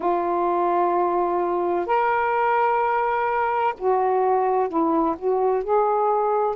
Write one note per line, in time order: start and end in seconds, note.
0.00 1.86 F4
1.86 3.73 A#4
3.78 4.68 F#4
4.68 5.15 E4
5.18 5.63 F#4
5.63 6.55 G#4